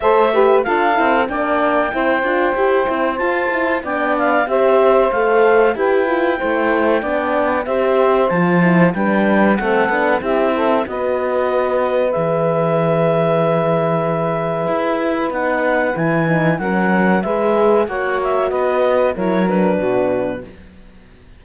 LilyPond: <<
  \new Staff \with { instrumentName = "clarinet" } { \time 4/4 \tempo 4 = 94 e''4 f''4 g''2~ | g''4 a''4 g''8 f''8 e''4 | f''4 g''2. | e''4 a''4 g''4 fis''4 |
e''4 dis''2 e''4~ | e''1 | fis''4 gis''4 fis''4 e''4 | fis''8 e''8 dis''4 cis''8 b'4. | }
  \new Staff \with { instrumentName = "saxophone" } { \time 4/4 c''8 b'8 a'4 d''4 c''4~ | c''2 d''4 c''4~ | c''4 b'4 c''4 d''4 | c''2 b'4 a'4 |
g'8 a'8 b'2.~ | b'1~ | b'2 ais'4 b'4 | cis''4 b'4 ais'4 fis'4 | }
  \new Staff \with { instrumentName = "horn" } { \time 4/4 a'8 g'8 f'8 e'8 d'4 e'8 f'8 | g'8 e'8 f'8 e'8 d'4 g'4 | a'4 g'8 f'8 e'4 d'4 | g'4 f'8 e'8 d'4 c'8 d'8 |
e'4 fis'2 gis'4~ | gis'1 | dis'4 e'8 dis'8 cis'4 gis'4 | fis'2 e'8 d'4. | }
  \new Staff \with { instrumentName = "cello" } { \time 4/4 a4 d'8 c'8 ais4 c'8 d'8 | e'8 c'8 f'4 b4 c'4 | a4 e'4 a4 b4 | c'4 f4 g4 a8 b8 |
c'4 b2 e4~ | e2. e'4 | b4 e4 fis4 gis4 | ais4 b4 fis4 b,4 | }
>>